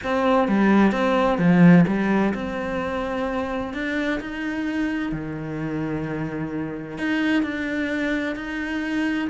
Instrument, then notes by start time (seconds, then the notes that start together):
cello
0.03 C4
0.48 G3
0.92 C4
1.38 F3
1.87 G3
2.34 C4
3.73 D4
4.20 D#4
5.12 D#3
6.98 D#4
7.42 D4
8.35 D#4